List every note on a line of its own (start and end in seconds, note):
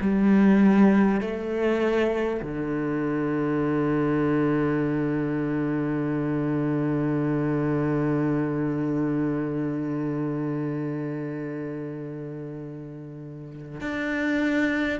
0.00 1.20 G3
1.20 2.40 A3
2.42 13.81 D3
13.81 14.99 D4